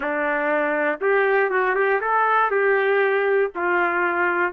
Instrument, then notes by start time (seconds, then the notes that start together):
trumpet
0.00 D4
1.00 G4
1.50 F#4
1.75 G4
2.00 A4
2.50 G4
3.55 F4